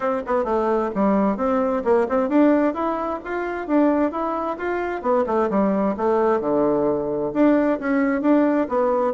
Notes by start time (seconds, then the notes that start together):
0.00 C4
0.26 B3
0.44 A3
0.94 G3
1.37 C4
1.84 A#3
2.08 C4
2.28 D4
2.74 E4
3.24 F4
3.67 D4
4.11 E4
4.57 F4
5.02 B3
5.26 A3
5.50 G3
5.96 A3
6.40 D3
7.33 D4
7.79 C#4
8.21 D4
8.68 B3